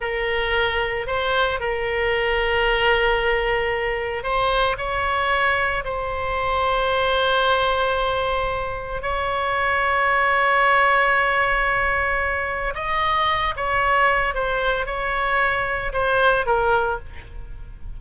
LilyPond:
\new Staff \with { instrumentName = "oboe" } { \time 4/4 \tempo 4 = 113 ais'2 c''4 ais'4~ | ais'1 | c''4 cis''2 c''4~ | c''1~ |
c''4 cis''2.~ | cis''1 | dis''4. cis''4. c''4 | cis''2 c''4 ais'4 | }